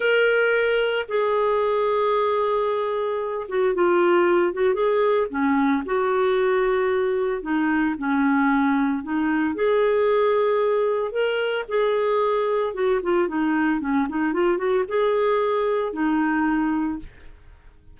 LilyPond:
\new Staff \with { instrumentName = "clarinet" } { \time 4/4 \tempo 4 = 113 ais'2 gis'2~ | gis'2~ gis'8 fis'8 f'4~ | f'8 fis'8 gis'4 cis'4 fis'4~ | fis'2 dis'4 cis'4~ |
cis'4 dis'4 gis'2~ | gis'4 ais'4 gis'2 | fis'8 f'8 dis'4 cis'8 dis'8 f'8 fis'8 | gis'2 dis'2 | }